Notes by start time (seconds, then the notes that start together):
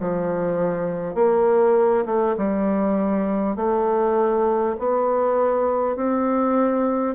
0.00 F3
1.15 A#3
2.06 A3
2.37 G3
3.56 A3
4.79 B3
5.96 C4